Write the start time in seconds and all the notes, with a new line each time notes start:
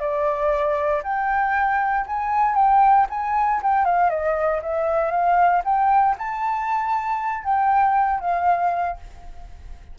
0.00 D5
1.03 G5
2.07 G#5
2.55 G5
3.10 G#5
3.63 G5
3.85 F5
4.10 D#5
4.62 E5
5.11 F5
5.65 G5
6.18 A5
7.44 G5
8.20 F5